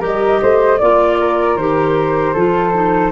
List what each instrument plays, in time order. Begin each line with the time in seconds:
0.00 tuba G3, clarinet G4, flute A#4 D#5
0.42 tuba A3, flute C5
0.78 tuba A#3, clarinet F4, flute D5
1.19 flute A#4
1.56 tuba D#3, clarinet G4, flute C5
2.34 tuba F3, clarinet F4, flute A4
2.74 clarinet D#4